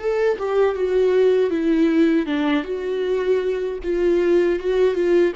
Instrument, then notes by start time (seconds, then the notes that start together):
viola
0.00 A4
0.39 G4
0.76 F#4
1.51 E4
2.27 D4
2.64 F#4
3.84 F4
4.60 F#4
4.95 F4